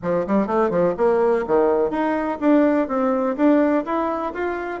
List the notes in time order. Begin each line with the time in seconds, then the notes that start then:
0.02 F3
0.27 G3
0.46 A3
0.69 F3
0.97 A#3
1.47 D#3
1.90 D#4
2.40 D4
2.88 C4
3.36 D4
3.85 E4
4.33 F4